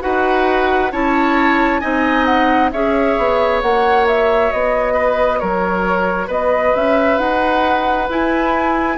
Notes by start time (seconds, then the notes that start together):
0.00 D#4 F#4 B4 F#5
0.92 C#4 E4 C#5 A5
1.79 C4 D#4 D#5 G#5
2.25 F#5
2.71 C#4 G#4 C#5 E5
3.17 B3
3.61 A#3 F#4 F#5
4.07 E5
4.52 B3 D#5
4.93 B4
5.39 F#3 A#4 C#5
6.27 B3 B4 D#5
6.75 C#4 E5
7.18 D#4 F#5
8.09 E4 G#5